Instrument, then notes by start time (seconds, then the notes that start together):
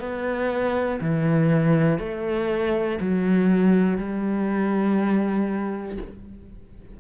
cello
0.00 B3
1.00 E3
1.99 A3
3.00 F#3
3.98 G3